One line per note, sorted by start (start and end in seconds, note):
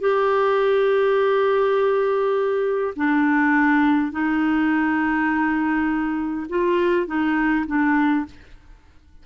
0.00 2.94 G4
2.96 4.12 D4
4.12 6.47 D#4
6.49 7.07 F4
7.07 7.66 D#4
7.67 8.26 D4